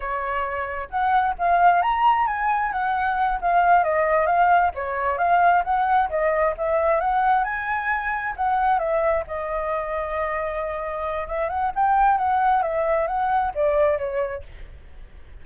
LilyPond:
\new Staff \with { instrumentName = "flute" } { \time 4/4 \tempo 4 = 133 cis''2 fis''4 f''4 | ais''4 gis''4 fis''4. f''8~ | f''8 dis''4 f''4 cis''4 f''8~ | f''8 fis''4 dis''4 e''4 fis''8~ |
fis''8 gis''2 fis''4 e''8~ | e''8 dis''2.~ dis''8~ | dis''4 e''8 fis''8 g''4 fis''4 | e''4 fis''4 d''4 cis''4 | }